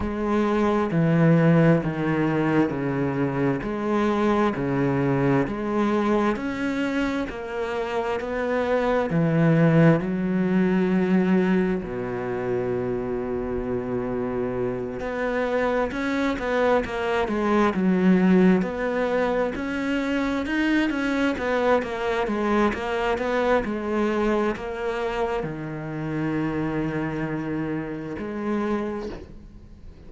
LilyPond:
\new Staff \with { instrumentName = "cello" } { \time 4/4 \tempo 4 = 66 gis4 e4 dis4 cis4 | gis4 cis4 gis4 cis'4 | ais4 b4 e4 fis4~ | fis4 b,2.~ |
b,8 b4 cis'8 b8 ais8 gis8 fis8~ | fis8 b4 cis'4 dis'8 cis'8 b8 | ais8 gis8 ais8 b8 gis4 ais4 | dis2. gis4 | }